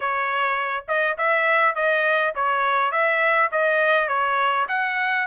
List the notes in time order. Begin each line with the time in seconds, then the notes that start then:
0.00 C#5
0.87 D#5
1.17 E5
1.75 D#5
2.35 C#5
2.91 E5
3.51 D#5
4.08 C#5
4.68 F#5